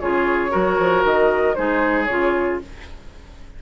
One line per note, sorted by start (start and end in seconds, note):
0.00 0.54 C#3
0.00 0.50 F4
0.00 0.51 G#4
0.00 1.04 C#5
0.50 0.79 F#3
0.50 1.54 F#4
0.50 1.55 A#4
0.79 1.04 F3
1.04 1.56 D#3
1.04 1.55 D#5
1.55 2.09 G#3
1.55 2.08 D#4
1.55 2.62 G#4
1.55 2.04 C5
2.04 2.61 C#3
2.04 2.62 F4
2.04 2.57 C#5